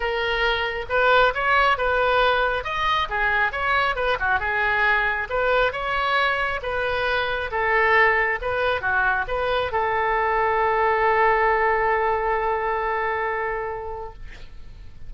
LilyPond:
\new Staff \with { instrumentName = "oboe" } { \time 4/4 \tempo 4 = 136 ais'2 b'4 cis''4 | b'2 dis''4 gis'4 | cis''4 b'8 fis'8 gis'2 | b'4 cis''2 b'4~ |
b'4 a'2 b'4 | fis'4 b'4 a'2~ | a'1~ | a'1 | }